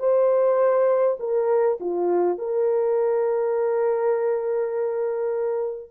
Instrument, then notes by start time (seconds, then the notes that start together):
horn
0.00 C5
1.20 A#4
1.81 F4
2.39 A#4